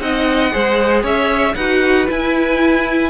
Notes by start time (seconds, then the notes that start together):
0.00 C4 D#4 D#5 F#5
0.51 G#3 G#4 C5
1.02 C#4 C#5 E5
1.55 D#4 F#4 B4 F#5
2.07 E4 G#5